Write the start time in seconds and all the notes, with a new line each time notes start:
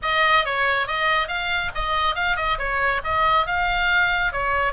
0.02 D#5
0.45 C#5
0.87 D#5
1.28 F5
1.74 D#5
2.15 F5
2.36 D#5
2.58 C#5
3.04 D#5
3.46 F5
4.32 C#5